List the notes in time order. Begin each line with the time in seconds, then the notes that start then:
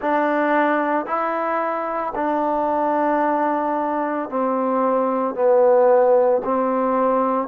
0.01 D4
1.06 E4
2.15 D4
4.29 C4
5.34 B3
6.44 C4